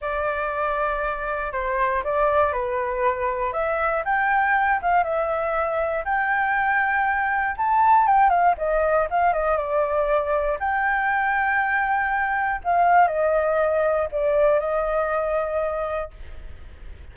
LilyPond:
\new Staff \with { instrumentName = "flute" } { \time 4/4 \tempo 4 = 119 d''2. c''4 | d''4 b'2 e''4 | g''4. f''8 e''2 | g''2. a''4 |
g''8 f''8 dis''4 f''8 dis''8 d''4~ | d''4 g''2.~ | g''4 f''4 dis''2 | d''4 dis''2. | }